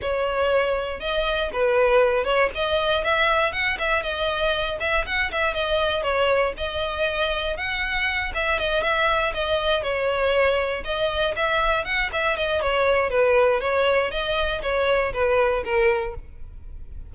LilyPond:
\new Staff \with { instrumentName = "violin" } { \time 4/4 \tempo 4 = 119 cis''2 dis''4 b'4~ | b'8 cis''8 dis''4 e''4 fis''8 e''8 | dis''4. e''8 fis''8 e''8 dis''4 | cis''4 dis''2 fis''4~ |
fis''8 e''8 dis''8 e''4 dis''4 cis''8~ | cis''4. dis''4 e''4 fis''8 | e''8 dis''8 cis''4 b'4 cis''4 | dis''4 cis''4 b'4 ais'4 | }